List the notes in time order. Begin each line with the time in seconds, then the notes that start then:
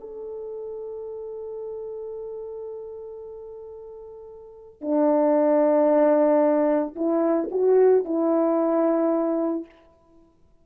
0.00 A4
4.81 D4
6.96 E4
7.51 F#4
8.05 E4